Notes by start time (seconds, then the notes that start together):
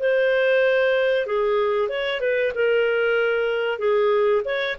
0.00 C5
1.27 G#4
1.89 C#5
2.21 B4
2.55 A#4
3.79 G#4
4.45 C#5